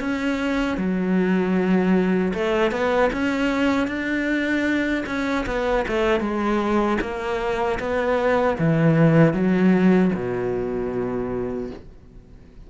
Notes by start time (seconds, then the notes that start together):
0.00 C#4
0.78 F#3
2.34 A3
2.72 B3
3.13 C#4
3.88 D4
5.06 C#4
5.47 B3
5.88 A3
6.21 G#3
7.01 A#3
7.80 B3
8.59 E3
9.34 F#3
10.15 B2